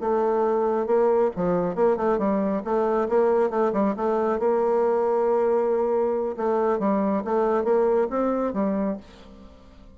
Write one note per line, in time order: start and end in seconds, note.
0.00 0.86 A3
0.86 1.30 A#3
1.36 1.75 F3
1.75 1.96 A#3
1.96 2.18 A3
2.18 2.62 G3
2.64 3.08 A3
3.08 3.50 A#3
3.50 3.72 A3
3.72 3.94 G3
3.96 4.39 A3
4.39 6.36 A#3
6.37 6.79 A3
6.79 7.23 G3
7.24 7.63 A3
7.63 8.07 A#3
8.10 8.53 C4
8.53 8.97 G3